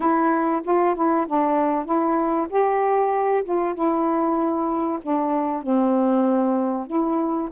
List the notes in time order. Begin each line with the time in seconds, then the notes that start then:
0.00 E4
0.64 F4
0.95 E4
1.27 D4
1.85 E4
2.49 G4
3.43 F4
3.74 E4
5.02 D4
5.62 C4
6.86 E4